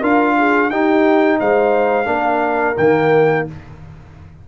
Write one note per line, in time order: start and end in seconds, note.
0.00 0.71 D4
0.00 0.71 F4
0.00 0.34 A#4
0.00 0.70 F5
0.39 0.70 G#4
0.70 1.40 D#4
0.70 2.05 D#4
0.70 1.39 G4
0.70 1.39 G5
1.39 2.06 G#3
1.39 2.08 C5
1.39 2.78 F5
2.05 2.75 A#3
2.05 2.74 D4
2.05 3.48 A#4
2.78 3.47 D#3
2.78 3.49 A#3
2.78 3.47 G5